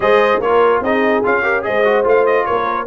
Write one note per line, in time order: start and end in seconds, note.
0.00 0.39 G#3
0.00 0.41 G#4
0.00 0.41 C5
0.00 0.41 D#5
0.39 0.80 A#3
0.39 0.84 F4
0.39 0.82 A#4
0.39 0.82 C#5
0.80 1.21 C4
0.80 1.23 D#4
0.80 1.42 G#4
0.80 1.24 D#5
1.23 1.66 C#4
1.23 1.43 F4
1.23 1.64 F5
1.42 1.62 G4
1.42 1.63 A#4
1.62 2.04 G#3
1.62 1.83 G#4
1.62 2.46 C5
1.62 2.05 D#5
1.84 2.04 F#4
2.04 2.45 A3
2.04 2.86 F4
2.04 2.26 F5
2.26 2.45 D#5
2.45 2.87 A#3
2.45 2.87 A#4
2.45 2.86 C#5